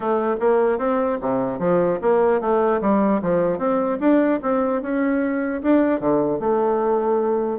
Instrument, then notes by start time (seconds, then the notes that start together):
bassoon
0.00 A3
0.40 A#3
0.78 C4
1.21 C3
1.59 F3
2.01 A#3
2.40 A3
2.81 G3
3.21 F3
3.58 C4
4.00 D4
4.42 C4
4.81 C#4
5.62 D4
5.99 D3
6.39 A3